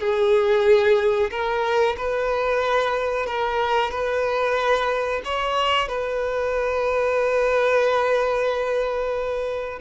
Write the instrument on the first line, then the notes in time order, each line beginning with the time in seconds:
violin
0.00 G#4
1.31 A#4
1.97 B4
3.26 A#4
3.91 B4
5.25 C#5
5.88 B4